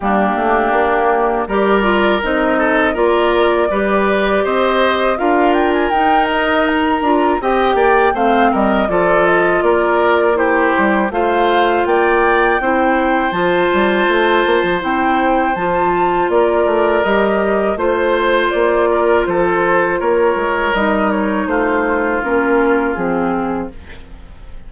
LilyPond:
<<
  \new Staff \with { instrumentName = "flute" } { \time 4/4 \tempo 4 = 81 g'2 d''4 dis''4 | d''2 dis''4 f''8 g''16 gis''16 | g''8 dis''8 ais''4 g''4 f''8 dis''8 | d''8 dis''8 d''4 c''4 f''4 |
g''2 a''2 | g''4 a''4 d''4 dis''4 | c''4 d''4 c''4 cis''4 | dis''8 cis''8 c''4 ais'4 gis'4 | }
  \new Staff \with { instrumentName = "oboe" } { \time 4/4 d'2 ais'4. a'8 | ais'4 b'4 c''4 ais'4~ | ais'2 dis''8 d''8 c''8 ais'8 | a'4 ais'4 g'4 c''4 |
d''4 c''2.~ | c''2 ais'2 | c''4. ais'8 a'4 ais'4~ | ais'4 f'2. | }
  \new Staff \with { instrumentName = "clarinet" } { \time 4/4 ais2 g'8 f'8 dis'4 | f'4 g'2 f'4 | dis'4. f'8 g'4 c'4 | f'2 e'4 f'4~ |
f'4 e'4 f'2 | e'4 f'2 g'4 | f'1 | dis'2 cis'4 c'4 | }
  \new Staff \with { instrumentName = "bassoon" } { \time 4/4 g8 a8 ais4 g4 c'4 | ais4 g4 c'4 d'4 | dis'4. d'8 c'8 ais8 a8 g8 | f4 ais4. g8 a4 |
ais4 c'4 f8 g8 a8 ais16 f16 | c'4 f4 ais8 a8 g4 | a4 ais4 f4 ais8 gis8 | g4 a4 ais4 f4 | }
>>